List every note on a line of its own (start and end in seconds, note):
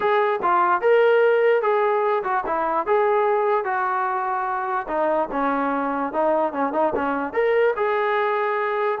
0.00 0.40 G#4
0.42 0.81 F4
0.81 1.62 A#4
1.62 2.23 G#4
2.23 2.44 F#4
2.46 2.86 E4
2.86 3.64 G#4
3.64 4.87 F#4
4.88 5.28 D#4
5.31 6.12 C#4
6.12 6.52 D#4
6.52 6.72 C#4
6.72 6.93 D#4
6.95 7.33 C#4
7.33 7.74 A#4
7.76 8.99 G#4